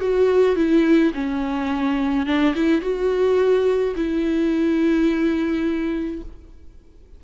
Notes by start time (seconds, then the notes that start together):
0.00 F#4
0.56 E4
1.13 C#4
2.26 D4
2.55 E4
2.81 F#4
3.95 E4